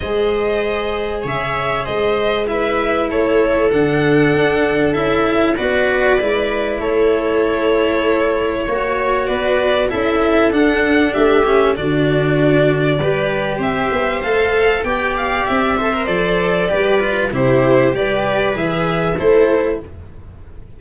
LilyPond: <<
  \new Staff \with { instrumentName = "violin" } { \time 4/4 \tempo 4 = 97 dis''2 e''4 dis''4 | e''4 cis''4 fis''2 | e''4 d''2 cis''4~ | cis''2. d''4 |
e''4 fis''4 e''4 d''4~ | d''2 e''4 f''4 | g''8 f''8 e''4 d''2 | c''4 d''4 e''4 c''4 | }
  \new Staff \with { instrumentName = "viola" } { \time 4/4 c''2 cis''4 c''4 | b'4 a'2.~ | a'4 b'2 a'4~ | a'2 cis''4 b'4 |
a'2 g'4 fis'4~ | fis'4 b'4 c''2 | d''4. c''4. b'4 | g'4 b'2 a'4 | }
  \new Staff \with { instrumentName = "cello" } { \time 4/4 gis'1 | e'2 d'2 | e'4 fis'4 e'2~ | e'2 fis'2 |
e'4 d'4. cis'8 d'4~ | d'4 g'2 a'4 | g'4. a'16 ais'16 a'4 g'8 f'8 | e'4 g'4 gis'4 e'4 | }
  \new Staff \with { instrumentName = "tuba" } { \time 4/4 gis2 cis4 gis4~ | gis4 a4 d4 d'4 | cis'4 b4 gis4 a4~ | a2 ais4 b4 |
cis'4 d'4 a4 d4~ | d4 g4 c'8 b8 a4 | b4 c'4 f4 g4 | c4 g4 e4 a4 | }
>>